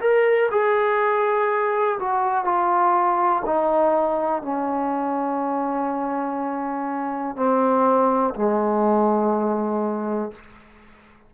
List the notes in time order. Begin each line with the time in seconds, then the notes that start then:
0.00 A#4
0.51 G#4
1.99 F#4
2.44 F4
3.45 D#4
4.42 C#4
7.36 C4
8.35 G#3